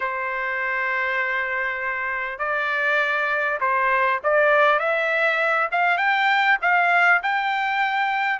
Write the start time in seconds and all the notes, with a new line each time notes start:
0.00 C5
2.38 D5
3.60 C5
4.23 D5
4.79 E5
5.71 F5
5.97 G5
6.61 F5
7.22 G5